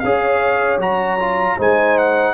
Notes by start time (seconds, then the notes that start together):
0.00 C#4 G#4 C#5 F5
0.78 F#3 F#4 A#5
1.20 F4
1.58 G#3 D#4 C5 G#5
1.98 F#5